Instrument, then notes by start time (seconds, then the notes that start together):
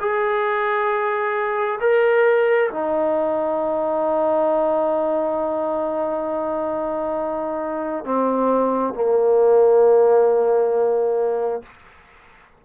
trombone
0.00 G#4
1.80 A#4
2.70 D#4
8.04 C4
8.94 A#3